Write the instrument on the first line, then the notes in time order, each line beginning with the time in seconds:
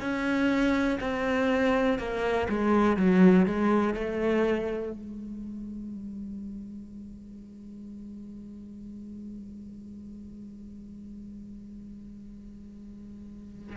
cello
0.00 C#4
1.01 C4
1.99 A#3
2.49 G#3
2.96 F#3
3.46 G#3
3.94 A3
4.92 G#3